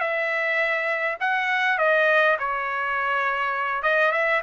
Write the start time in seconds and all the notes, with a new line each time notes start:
0.00 E5
1.20 F#5
1.78 D#5
2.39 C#5
3.83 D#5
4.12 E5